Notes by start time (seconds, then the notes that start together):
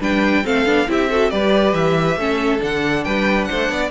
0.00 G3 D4 B4 G5
0.44 A3 C4 A4 F5
0.65 B3 D4
0.87 C4 E4 G4 E5
1.10 F#4 A4
1.30 G3 G4 B4 D5
1.73 E3 E5
2.16 A3 C#4 A4
2.59 D3 D4 F#5
3.03 G3 B4 G5
3.44 C5 F#5
3.51 A3
3.69 B3 D5